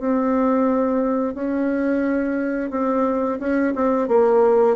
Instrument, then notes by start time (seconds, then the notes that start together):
bassoon
0.00 C4
1.35 C#4
2.71 C4
3.40 C#4
3.75 C4
4.08 A#3